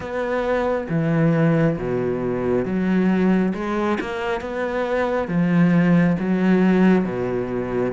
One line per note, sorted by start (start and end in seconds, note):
0.00 0.87 B3
0.89 1.77 E3
1.78 2.65 B2
2.65 3.53 F#3
3.54 3.98 G#3
4.00 4.40 A#3
4.40 5.27 B3
5.27 6.16 F3
6.19 7.04 F#3
7.04 7.92 B2